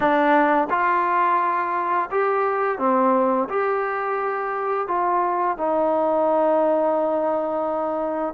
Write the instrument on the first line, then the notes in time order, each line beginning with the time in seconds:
trombone
0.00 D4
0.70 F4
2.11 G4
2.78 C4
3.49 G4
4.87 F4
5.57 D#4